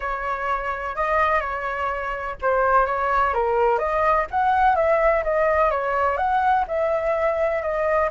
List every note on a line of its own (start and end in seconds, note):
0.00 0.95 C#5
0.95 1.40 D#5
1.40 2.35 C#5
2.41 2.85 C5
2.85 3.33 C#5
3.33 3.78 A#4
3.78 4.26 D#5
4.30 4.75 F#5
4.75 5.23 E5
5.23 5.71 D#5
5.71 6.17 C#5
6.17 6.65 F#5
6.67 7.62 E5
7.62 8.09 D#5